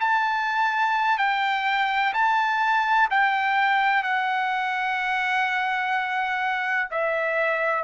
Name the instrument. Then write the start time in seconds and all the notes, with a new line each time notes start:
trumpet
0.00 A5
1.18 G5
2.13 A5
3.10 G5
4.03 F#5
6.90 E5